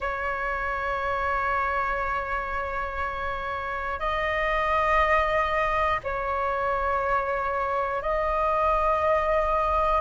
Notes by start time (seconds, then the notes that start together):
0.00 C#5
4.00 D#5
6.03 C#5
8.01 D#5